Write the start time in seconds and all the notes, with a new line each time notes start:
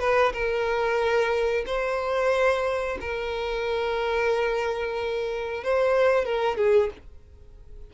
0.00 B4
0.33 A#4
1.67 C5
3.01 A#4
5.64 C5
6.25 A#4
6.57 G#4